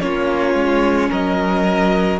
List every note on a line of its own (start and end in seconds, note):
0.00 0.55 A#3
0.00 2.20 C#4
0.00 1.10 F4
0.00 1.11 C#5
0.55 1.10 G#3
1.10 2.20 F#3
1.10 2.20 A#4
1.10 2.20 D#5